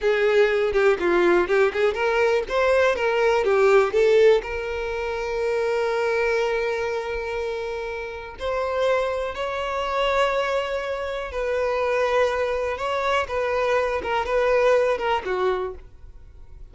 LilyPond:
\new Staff \with { instrumentName = "violin" } { \time 4/4 \tempo 4 = 122 gis'4. g'8 f'4 g'8 gis'8 | ais'4 c''4 ais'4 g'4 | a'4 ais'2.~ | ais'1~ |
ais'4 c''2 cis''4~ | cis''2. b'4~ | b'2 cis''4 b'4~ | b'8 ais'8 b'4. ais'8 fis'4 | }